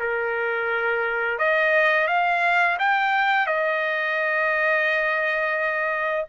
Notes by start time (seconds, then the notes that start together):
0.00 A#4
1.39 D#5
2.08 F5
2.79 G5
3.47 D#5